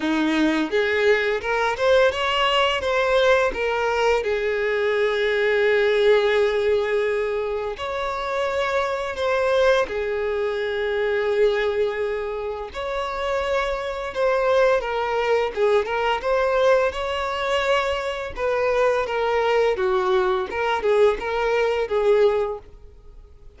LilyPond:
\new Staff \with { instrumentName = "violin" } { \time 4/4 \tempo 4 = 85 dis'4 gis'4 ais'8 c''8 cis''4 | c''4 ais'4 gis'2~ | gis'2. cis''4~ | cis''4 c''4 gis'2~ |
gis'2 cis''2 | c''4 ais'4 gis'8 ais'8 c''4 | cis''2 b'4 ais'4 | fis'4 ais'8 gis'8 ais'4 gis'4 | }